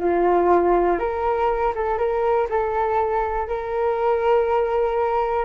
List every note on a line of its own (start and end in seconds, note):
0.00 0.99 F4
0.99 1.73 A#4
1.75 1.98 A4
1.98 2.47 A#4
2.50 3.48 A4
3.48 5.45 A#4